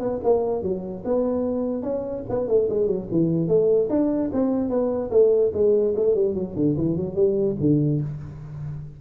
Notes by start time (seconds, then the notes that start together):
0.00 B3
0.24 A#3
0.63 F#3
1.05 B3
1.83 C#4
2.30 B3
2.49 A3
2.70 G#3
2.87 F#3
3.12 E3
3.48 A3
3.90 D4
4.33 C4
4.70 B3
5.11 A3
5.54 G#3
5.96 A3
6.15 G3
6.35 F#3
6.56 D3
6.78 E3
6.97 F#3
7.15 G3
7.60 D3